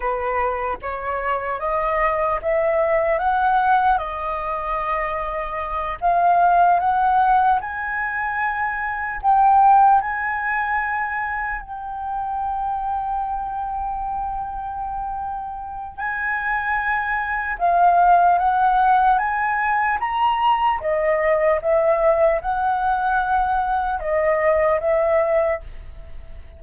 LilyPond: \new Staff \with { instrumentName = "flute" } { \time 4/4 \tempo 4 = 75 b'4 cis''4 dis''4 e''4 | fis''4 dis''2~ dis''8 f''8~ | f''8 fis''4 gis''2 g''8~ | g''8 gis''2 g''4.~ |
g''1 | gis''2 f''4 fis''4 | gis''4 ais''4 dis''4 e''4 | fis''2 dis''4 e''4 | }